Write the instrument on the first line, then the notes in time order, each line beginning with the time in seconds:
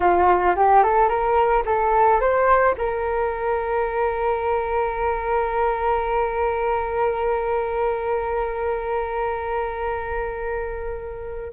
flute
0.00 F4
0.55 G4
0.83 A4
1.08 A#4
1.65 A4
2.20 C5
2.77 A#4